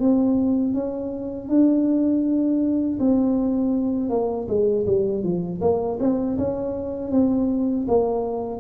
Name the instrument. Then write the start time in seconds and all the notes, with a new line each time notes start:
tuba
0.00 C4
0.74 C#4
1.49 D4
2.99 C4
4.10 A#3
4.48 G#3
4.86 G3
5.23 F3
5.61 A#3
6.00 C4
6.38 C#4
7.11 C4
7.88 A#3